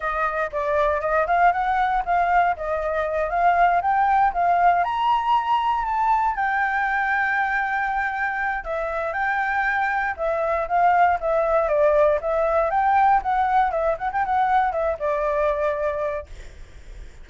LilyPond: \new Staff \with { instrumentName = "flute" } { \time 4/4 \tempo 4 = 118 dis''4 d''4 dis''8 f''8 fis''4 | f''4 dis''4. f''4 g''8~ | g''8 f''4 ais''2 a''8~ | a''8 g''2.~ g''8~ |
g''4 e''4 g''2 | e''4 f''4 e''4 d''4 | e''4 g''4 fis''4 e''8 fis''16 g''16 | fis''4 e''8 d''2~ d''8 | }